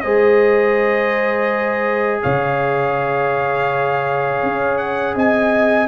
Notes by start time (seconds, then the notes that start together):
0.00 G#3 G#4 C5 D#5
2.22 C#3 C#5 F5
4.43 C#4
4.78 F#5
5.15 C4 D#5 G#5